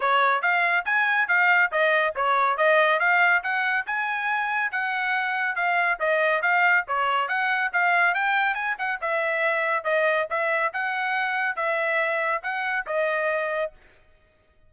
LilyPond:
\new Staff \with { instrumentName = "trumpet" } { \time 4/4 \tempo 4 = 140 cis''4 f''4 gis''4 f''4 | dis''4 cis''4 dis''4 f''4 | fis''4 gis''2 fis''4~ | fis''4 f''4 dis''4 f''4 |
cis''4 fis''4 f''4 g''4 | gis''8 fis''8 e''2 dis''4 | e''4 fis''2 e''4~ | e''4 fis''4 dis''2 | }